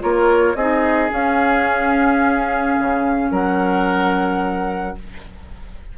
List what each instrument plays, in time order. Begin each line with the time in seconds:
0.00 bassoon A#3, clarinet F4, oboe A#4, flute C#5
0.55 bassoon C4, clarinet D#4, oboe G#4, flute D#5
1.10 clarinet C#4, bassoon C#4, flute F5
2.79 bassoon C#3
3.32 bassoon F#3, oboe A#4, flute F#5